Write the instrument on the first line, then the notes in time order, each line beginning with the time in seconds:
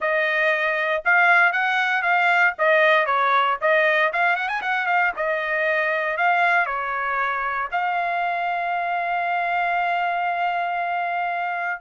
trumpet
0.00 D#5
1.04 F5
1.52 F#5
2.02 F5
2.58 D#5
3.06 C#5
3.61 D#5
4.12 F5
4.35 F#5
4.48 G#5
4.61 F#5
4.86 F5
5.16 D#5
6.17 F5
6.66 C#5
7.71 F5